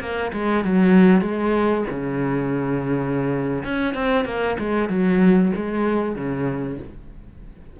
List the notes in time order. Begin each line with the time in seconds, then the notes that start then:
0.00 A#3
0.32 G#3
0.64 F#3
1.21 G#3
1.90 C#3
3.64 C#4
3.94 C4
4.25 A#3
4.58 G#3
4.89 F#3
5.56 G#3
6.15 C#3